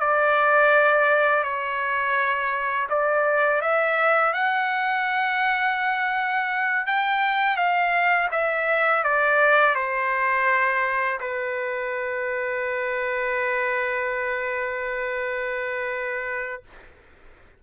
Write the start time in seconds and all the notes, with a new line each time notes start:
0.00 D5
1.43 C#5
2.89 D5
3.61 E5
4.34 F#5
6.87 G5
7.57 F5
8.31 E5
9.04 D5
9.75 C5
11.20 B4